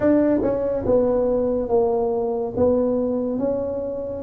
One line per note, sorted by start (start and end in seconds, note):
0.00 0.40 D4
0.42 0.85 C#4
0.86 1.69 B3
1.69 2.53 A#3
2.56 3.38 B3
3.38 4.23 C#4